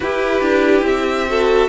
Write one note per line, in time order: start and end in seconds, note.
0.00 1.27 E4
0.00 0.41 E4
0.00 1.29 G4
0.00 0.85 B4
0.41 0.81 D4
0.81 1.67 C4
0.81 1.69 E5
1.27 1.69 F#4
1.27 1.69 A4